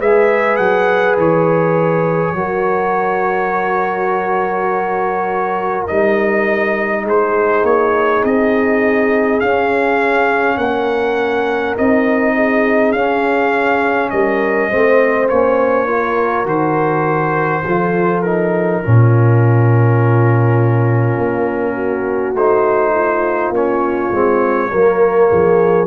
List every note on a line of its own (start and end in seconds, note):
0.00 0.59 G#3
0.00 2.36 G#4
0.00 2.35 B4
0.00 0.57 E5
0.57 1.17 F#3
0.57 1.16 F#5
1.17 2.34 E3
1.17 5.87 C#5
2.34 5.87 F#3
2.34 5.89 F#4
2.34 7.03 A#4
5.87 7.06 G3
5.87 9.43 D#4
5.87 7.05 D#5
7.03 7.63 G#3
7.03 10.56 G#4
7.09 7.65 C5
7.63 8.22 A#3
7.63 8.24 C#5
8.24 9.42 C4
8.24 9.40 D#5
9.40 10.58 C#4
9.40 11.78 C#4
9.40 10.58 F5
10.58 11.75 A#3
10.58 12.35 A#4
10.58 11.75 F#5
11.78 12.92 C4
11.78 12.95 D#4
11.78 12.92 D#5
12.35 14.12 G#4
12.92 14.10 C#4
12.92 14.72 C#4
12.92 14.10 F5
14.10 14.71 G3
14.10 14.70 A#4
14.10 15.28 D#5
14.70 15.30 A3
14.70 15.30 C4
14.70 15.88 C5
15.29 16.46 A#3
15.29 15.87 C#4
15.29 16.47 C#5
15.87 16.45 F4
15.87 17.64 A#4
16.46 17.63 D#3
16.46 17.63 F#4
16.46 18.22 C5
17.66 18.83 F3
17.66 18.25 F4
17.66 18.84 A4
18.22 18.83 D#4
18.22 22.34 A#4
18.83 21.18 A#2
18.83 22.36 C#4
18.83 21.74 F4
21.18 22.35 A#3
21.74 22.92 F#4
22.35 23.50 A3
22.35 23.54 D#4
22.35 23.54 C5
22.95 24.71 F4
23.50 24.09 A#3
23.50 24.12 C#4
23.50 25.87 C#5
24.12 24.71 G#3
24.12 24.71 C4
24.71 25.31 F#3
24.71 25.87 A#3
24.71 25.29 A#4
25.30 25.87 F3
25.30 25.87 G#4